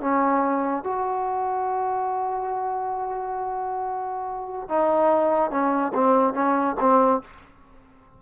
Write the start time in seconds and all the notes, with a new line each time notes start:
0.00 C#4
0.84 F#4
4.69 D#4
5.51 C#4
5.94 C4
6.34 C#4
6.80 C4